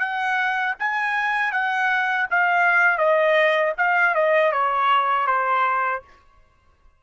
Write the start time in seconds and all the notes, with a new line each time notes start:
0.00 F#5
0.80 G#5
1.52 F#5
2.30 F5
2.98 D#5
3.78 F5
4.15 D#5
4.52 C#5
5.27 C5